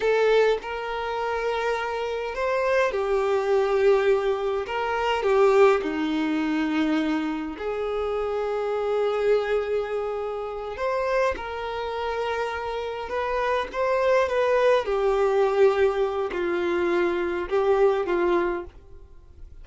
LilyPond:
\new Staff \with { instrumentName = "violin" } { \time 4/4 \tempo 4 = 103 a'4 ais'2. | c''4 g'2. | ais'4 g'4 dis'2~ | dis'4 gis'2.~ |
gis'2~ gis'8 c''4 ais'8~ | ais'2~ ais'8 b'4 c''8~ | c''8 b'4 g'2~ g'8 | f'2 g'4 f'4 | }